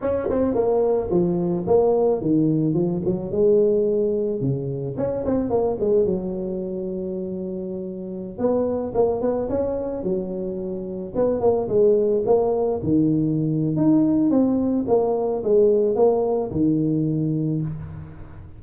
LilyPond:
\new Staff \with { instrumentName = "tuba" } { \time 4/4 \tempo 4 = 109 cis'8 c'8 ais4 f4 ais4 | dis4 f8 fis8 gis2 | cis4 cis'8 c'8 ais8 gis8 fis4~ | fis2.~ fis16 b8.~ |
b16 ais8 b8 cis'4 fis4.~ fis16~ | fis16 b8 ais8 gis4 ais4 dis8.~ | dis4 dis'4 c'4 ais4 | gis4 ais4 dis2 | }